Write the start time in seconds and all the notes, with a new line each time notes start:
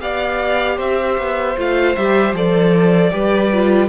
0.00 B3 G4 D5 F5
0.76 C4 C5 E5
1.17 B3
1.57 A3 F4 F5
1.95 G3 G4 E5
2.33 F3 A4 D5
3.11 G3 G4 B4
3.53 F4